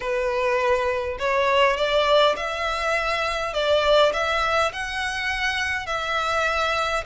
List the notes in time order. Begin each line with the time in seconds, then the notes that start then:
0.00 B4
1.18 C#5
1.76 D5
2.36 E5
3.53 D5
4.13 E5
4.72 F#5
5.86 E5